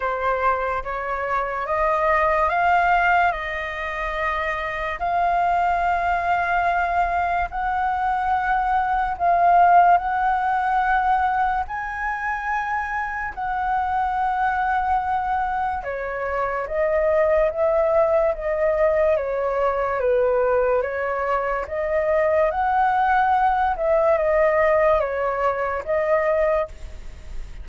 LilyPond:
\new Staff \with { instrumentName = "flute" } { \time 4/4 \tempo 4 = 72 c''4 cis''4 dis''4 f''4 | dis''2 f''2~ | f''4 fis''2 f''4 | fis''2 gis''2 |
fis''2. cis''4 | dis''4 e''4 dis''4 cis''4 | b'4 cis''4 dis''4 fis''4~ | fis''8 e''8 dis''4 cis''4 dis''4 | }